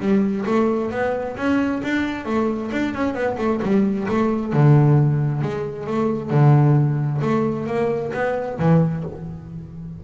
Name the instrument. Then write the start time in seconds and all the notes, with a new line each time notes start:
double bass
0.00 G3
0.46 A3
0.91 B3
1.37 C#4
1.84 D4
2.26 A3
2.72 D4
2.94 C#4
3.15 B3
3.39 A3
3.63 G3
4.09 A3
4.54 D3
5.42 G#3
5.87 A3
6.31 D3
7.22 A3
7.67 A#3
8.14 B3
8.59 E3